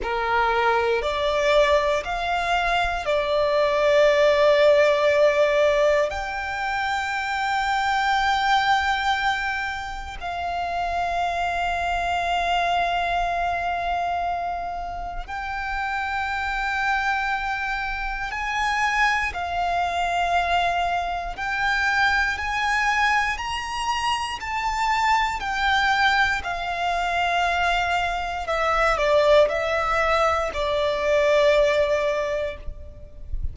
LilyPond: \new Staff \with { instrumentName = "violin" } { \time 4/4 \tempo 4 = 59 ais'4 d''4 f''4 d''4~ | d''2 g''2~ | g''2 f''2~ | f''2. g''4~ |
g''2 gis''4 f''4~ | f''4 g''4 gis''4 ais''4 | a''4 g''4 f''2 | e''8 d''8 e''4 d''2 | }